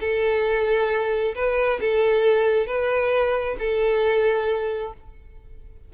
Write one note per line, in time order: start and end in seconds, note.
0.00 1.34 A4
1.35 1.80 B4
1.81 2.66 A4
2.66 3.56 B4
3.59 4.93 A4